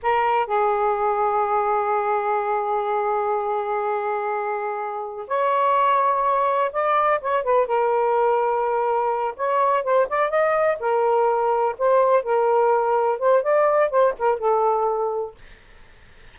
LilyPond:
\new Staff \with { instrumentName = "saxophone" } { \time 4/4 \tempo 4 = 125 ais'4 gis'2.~ | gis'1~ | gis'2. cis''4~ | cis''2 d''4 cis''8 b'8 |
ais'2.~ ais'8 cis''8~ | cis''8 c''8 d''8 dis''4 ais'4.~ | ais'8 c''4 ais'2 c''8 | d''4 c''8 ais'8 a'2 | }